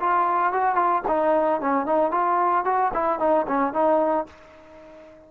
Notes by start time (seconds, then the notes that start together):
0.00 F4
0.53 F#4
0.75 F4
1.08 D#4
1.61 C#4
1.86 D#4
2.11 F4
2.65 F#4
2.94 E4
3.19 D#4
3.47 C#4
3.73 D#4